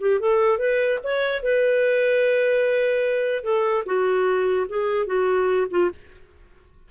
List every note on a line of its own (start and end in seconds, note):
0.00 0.20 G4
0.20 0.58 A4
0.58 0.99 B4
1.03 1.43 C#5
1.43 3.43 B4
3.43 3.84 A4
3.86 4.67 F#4
4.69 5.06 G#4
5.06 5.67 F#4
5.70 5.91 F4